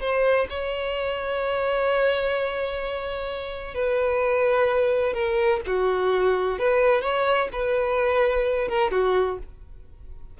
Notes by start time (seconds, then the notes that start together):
0.00 C5
0.49 C#5
3.74 B4
5.13 A#4
5.66 F#4
6.58 B4
7.01 C#5
7.52 B4
8.68 A#4
8.91 F#4